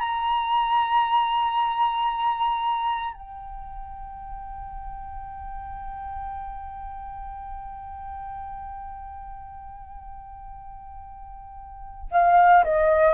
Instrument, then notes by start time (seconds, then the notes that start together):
flute
0.00 A#5
3.14 G5
12.11 F5
12.65 D#5